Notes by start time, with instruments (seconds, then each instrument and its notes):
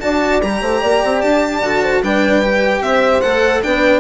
0.00 bassoon D4, cello F#4, horn D5, violin A5
0.42 bassoon G3, cello G4, violin A#5
0.61 bassoon A3, horn C5
0.80 bassoon A#3, horn D5
1.04 bassoon C4
1.21 bassoon D4, violin A5
1.62 bassoon D3, cello F#4
1.82 horn C5
2.02 bassoon G3, cello D4, horn B4, violin G5
2.42 cello G4
2.81 bassoon C4, horn C5, violin E5
3.21 bassoon A3, cello A4, violin F#5
3.62 bassoon B3, cello D4, horn B4, violin G5